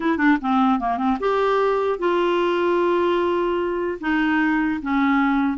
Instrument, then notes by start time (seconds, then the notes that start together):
clarinet
0.00 E4
0.17 D4
0.41 C4
0.79 A#3
0.97 C4
1.20 G4
1.98 F4
4.00 D#4
4.81 C#4